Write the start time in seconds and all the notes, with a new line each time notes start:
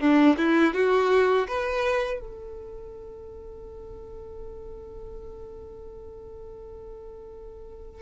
0.00 D4
0.38 E4
0.75 F#4
1.48 B4
2.20 A4